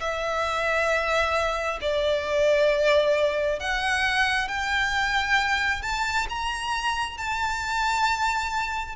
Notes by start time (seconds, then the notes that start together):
0.00 E5
1.82 D5
3.60 F#5
4.48 G5
5.82 A5
6.29 A#5
7.18 A5